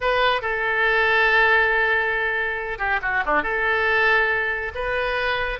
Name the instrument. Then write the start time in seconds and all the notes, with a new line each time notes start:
oboe
0.01 B4
0.41 A4
2.78 G4
3.02 F#4
3.25 D4
3.43 A4
4.74 B4